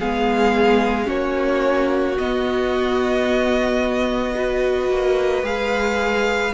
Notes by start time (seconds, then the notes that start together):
0.00 G#3 B3 G#4 F5
1.05 A#3 C#4 F#4 C#5
2.18 B3 D#5
4.36 F#4 B4
4.90 A#3
5.43 G#3 G#4 F5